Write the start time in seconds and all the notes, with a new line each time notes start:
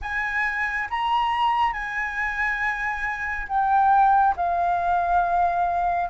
0.01 G#5
0.89 A#5
1.72 G#5
3.48 G5
4.36 F5